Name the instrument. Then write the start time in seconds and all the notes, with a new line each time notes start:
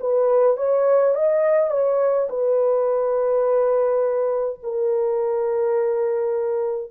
horn
0.00 B4
0.57 C#5
1.15 D#5
1.70 C#5
2.29 B4
4.63 A#4